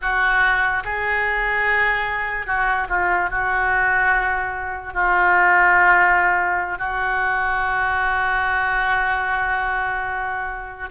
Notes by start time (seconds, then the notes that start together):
0.01 F#4
0.84 G#4
2.46 F#4
2.88 F4
3.30 F#4
4.93 F4
6.78 F#4